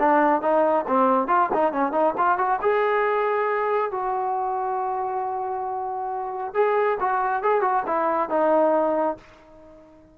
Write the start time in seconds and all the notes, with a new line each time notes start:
0.00 D4
0.42 D#4
0.88 C4
1.28 F4
1.54 D#4
1.73 C#4
1.93 D#4
2.18 F4
2.38 F#4
2.62 G#4
3.92 F#4
6.55 G#4
7.01 F#4
7.43 G#4
7.62 F#4
7.87 E4
8.30 D#4